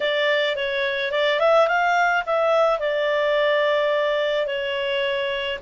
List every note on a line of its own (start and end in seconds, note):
0.00 0.56 D5
0.56 1.11 C#5
1.11 1.39 D5
1.39 1.67 E5
1.67 2.23 F5
2.26 2.79 E5
2.79 4.46 D5
4.46 5.58 C#5